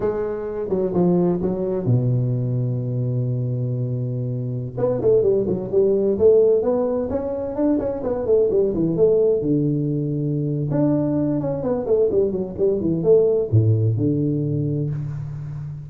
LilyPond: \new Staff \with { instrumentName = "tuba" } { \time 4/4 \tempo 4 = 129 gis4. fis8 f4 fis4 | b,1~ | b,2~ b,16 b8 a8 g8 fis16~ | fis16 g4 a4 b4 cis'8.~ |
cis'16 d'8 cis'8 b8 a8 g8 e8 a8.~ | a16 d2~ d8. d'4~ | d'8 cis'8 b8 a8 g8 fis8 g8 e8 | a4 a,4 d2 | }